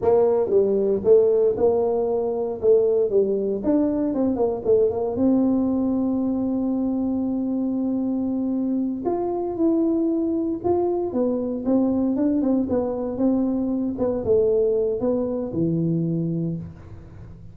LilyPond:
\new Staff \with { instrumentName = "tuba" } { \time 4/4 \tempo 4 = 116 ais4 g4 a4 ais4~ | ais4 a4 g4 d'4 | c'8 ais8 a8 ais8 c'2~ | c'1~ |
c'4. f'4 e'4.~ | e'8 f'4 b4 c'4 d'8 | c'8 b4 c'4. b8 a8~ | a4 b4 e2 | }